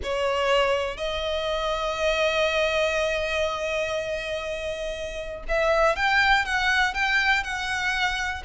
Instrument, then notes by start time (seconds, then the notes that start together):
violin
0.03 C#5
0.97 D#5
5.48 E5
5.96 G5
6.45 F#5
6.94 G5
7.43 F#5